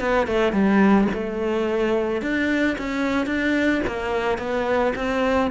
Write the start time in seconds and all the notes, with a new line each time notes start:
0.00 B3
0.28 A3
0.53 G3
1.14 A3
2.22 D4
2.78 C#4
3.27 D4
3.87 A#3
4.39 B3
4.96 C4